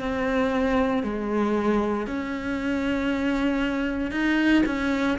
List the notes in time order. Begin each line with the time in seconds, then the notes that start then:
0.00 C4
1.03 G#3
2.06 C#4
4.11 D#4
4.66 C#4